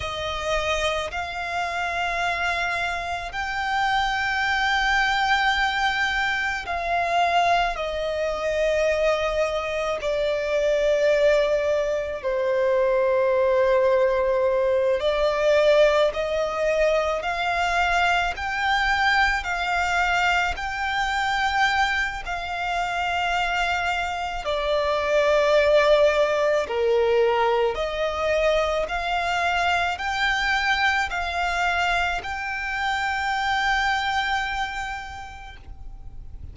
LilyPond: \new Staff \with { instrumentName = "violin" } { \time 4/4 \tempo 4 = 54 dis''4 f''2 g''4~ | g''2 f''4 dis''4~ | dis''4 d''2 c''4~ | c''4. d''4 dis''4 f''8~ |
f''8 g''4 f''4 g''4. | f''2 d''2 | ais'4 dis''4 f''4 g''4 | f''4 g''2. | }